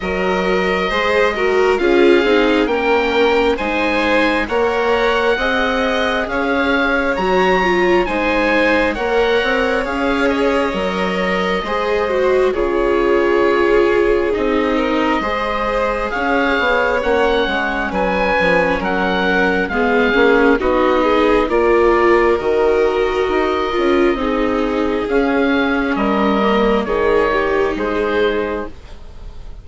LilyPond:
<<
  \new Staff \with { instrumentName = "oboe" } { \time 4/4 \tempo 4 = 67 dis''2 f''4 g''4 | gis''4 fis''2 f''4 | ais''4 gis''4 fis''4 f''8 dis''8~ | dis''2 cis''2 |
dis''2 f''4 fis''4 | gis''4 fis''4 f''4 dis''4 | d''4 dis''2. | f''4 dis''4 cis''4 c''4 | }
  \new Staff \with { instrumentName = "violin" } { \time 4/4 ais'4 c''8 ais'8 gis'4 ais'4 | c''4 cis''4 dis''4 cis''4~ | cis''4 c''4 cis''2~ | cis''4 c''4 gis'2~ |
gis'8 ais'8 c''4 cis''2 | b'4 ais'4 gis'4 fis'8 gis'8 | ais'2. gis'4~ | gis'4 ais'4 gis'8 g'8 gis'4 | }
  \new Staff \with { instrumentName = "viola" } { \time 4/4 fis'4 gis'8 fis'8 f'8 dis'8 cis'4 | dis'4 ais'4 gis'2 | fis'8 f'8 dis'4 ais'4 gis'4 | ais'4 gis'8 fis'8 f'2 |
dis'4 gis'2 cis'4~ | cis'2 b8 cis'8 dis'4 | f'4 fis'4. f'8 dis'4 | cis'4. ais8 dis'2 | }
  \new Staff \with { instrumentName = "bassoon" } { \time 4/4 fis4 gis4 cis'8 c'8 ais4 | gis4 ais4 c'4 cis'4 | fis4 gis4 ais8 c'8 cis'4 | fis4 gis4 cis2 |
c'4 gis4 cis'8 b8 ais8 gis8 | fis8 f8 fis4 gis8 ais8 b4 | ais4 dis4 dis'8 cis'8 c'4 | cis'4 g4 dis4 gis4 | }
>>